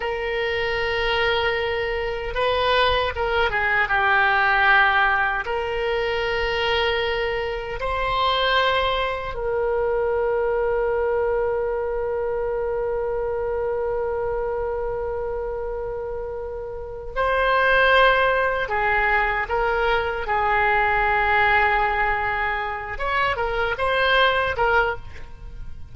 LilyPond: \new Staff \with { instrumentName = "oboe" } { \time 4/4 \tempo 4 = 77 ais'2. b'4 | ais'8 gis'8 g'2 ais'4~ | ais'2 c''2 | ais'1~ |
ais'1~ | ais'2 c''2 | gis'4 ais'4 gis'2~ | gis'4. cis''8 ais'8 c''4 ais'8 | }